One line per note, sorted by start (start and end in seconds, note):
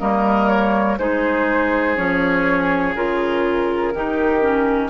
0.00 0.98 G3
0.00 0.98 A#3
0.00 0.99 A#4
0.00 0.48 D#5
0.48 0.98 C#5
0.98 1.96 G#3
0.98 1.97 D#4
0.98 3.94 G#4
0.98 1.96 C5
1.96 2.95 F3
1.96 2.95 C#4
1.96 2.95 C#5
2.95 3.93 C#3
2.95 3.94 F4
2.95 4.90 A#4
3.94 4.90 D#3
3.94 4.42 D#4
3.94 4.90 G4
4.42 4.90 C#4